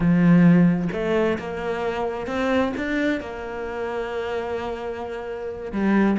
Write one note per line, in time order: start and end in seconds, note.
0.00 0.88 F3
0.92 1.38 A3
1.38 2.27 A#3
2.27 2.72 C4
2.77 3.20 D4
3.20 5.71 A#3
5.71 6.17 G3